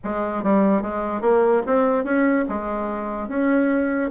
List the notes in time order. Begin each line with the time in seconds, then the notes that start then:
0.03 G#3
0.43 G3
0.81 G#3
1.21 A#3
1.66 C4
2.04 C#4
2.48 G#3
3.28 C#4